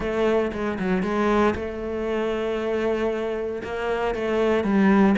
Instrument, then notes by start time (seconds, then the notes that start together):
cello
0.00 A3
0.52 G#3
0.79 F#3
1.02 G#3
1.55 A3
3.63 A#3
4.14 A3
4.64 G3